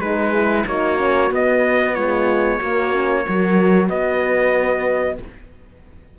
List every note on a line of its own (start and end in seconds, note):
0.00 0.65 G#3
0.00 0.34 D#4
0.00 0.66 G#4
0.00 0.65 B4
0.34 0.66 E4
0.66 1.31 A#3
0.66 0.98 D#4
0.66 1.95 F#4
0.66 1.32 C#5
0.98 1.30 C#4
1.31 1.95 B3
1.31 2.60 B3
1.31 1.95 D#5
1.95 2.62 G#3
1.95 2.58 F4
1.95 3.88 C#5
2.58 3.26 A#3
2.58 2.92 A#3
2.58 3.23 F#4
2.92 3.24 C#4
3.25 3.89 F#3
3.25 5.18 F#4
3.25 3.89 A#4
3.89 5.18 B3
3.89 5.18 B4
3.89 5.18 D#5